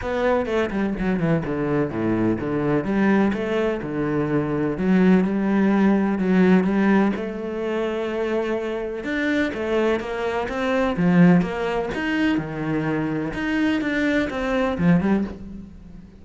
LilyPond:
\new Staff \with { instrumentName = "cello" } { \time 4/4 \tempo 4 = 126 b4 a8 g8 fis8 e8 d4 | a,4 d4 g4 a4 | d2 fis4 g4~ | g4 fis4 g4 a4~ |
a2. d'4 | a4 ais4 c'4 f4 | ais4 dis'4 dis2 | dis'4 d'4 c'4 f8 g8 | }